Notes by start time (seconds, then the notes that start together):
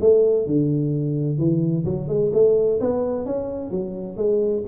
0.00 A3
0.46 D3
1.38 E3
1.85 F#3
2.08 G#3
2.33 A3
2.80 B3
3.25 C#4
3.70 F#3
4.16 G#3